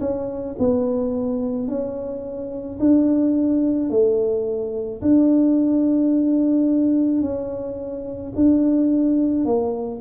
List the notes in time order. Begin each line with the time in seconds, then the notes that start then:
0.00 C#4
0.59 B3
1.68 C#4
2.79 D4
3.90 A3
5.02 D4
7.22 C#4
8.35 D4
9.45 A#3